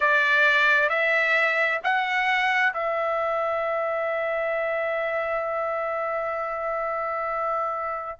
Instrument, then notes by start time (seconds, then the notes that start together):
trumpet
0.00 D5
0.89 E5
1.83 F#5
2.73 E5